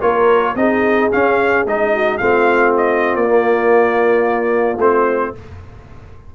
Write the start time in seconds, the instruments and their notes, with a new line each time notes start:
0.00 tuba A#3, trombone F4, horn A#4, trumpet C#5
0.55 tuba C4, trombone D#4, horn G#4, trumpet D#5
1.11 trombone C#4, tuba C#4, trumpet F5
1.66 tuba G#3, trombone D#4, trumpet D#5
1.93 horn F#4
2.17 tuba A3, trombone C4, horn F4, trumpet F5
2.77 trumpet D#5
3.15 tuba A#3, trumpet D5
3.28 trombone A#3
4.77 tuba A3, trombone C4, trumpet C5